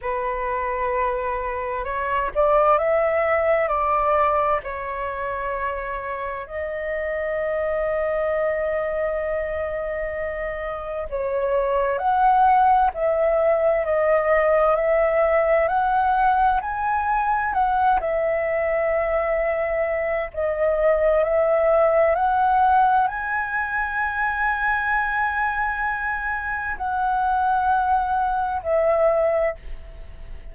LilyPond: \new Staff \with { instrumentName = "flute" } { \time 4/4 \tempo 4 = 65 b'2 cis''8 d''8 e''4 | d''4 cis''2 dis''4~ | dis''1 | cis''4 fis''4 e''4 dis''4 |
e''4 fis''4 gis''4 fis''8 e''8~ | e''2 dis''4 e''4 | fis''4 gis''2.~ | gis''4 fis''2 e''4 | }